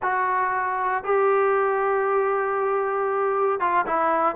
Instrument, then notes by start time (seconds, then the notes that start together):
trombone
0.02 F#4
1.03 G4
3.59 F4
3.86 E4